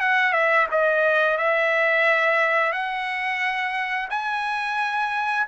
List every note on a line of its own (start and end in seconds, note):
0.00 0.33 F#5
0.33 0.67 E5
0.71 1.37 D#5
1.37 2.72 E5
2.72 4.08 F#5
4.09 5.46 G#5